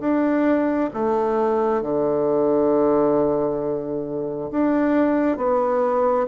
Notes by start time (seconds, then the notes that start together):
0.00 D4
0.93 A3
1.82 D3
4.51 D4
5.37 B3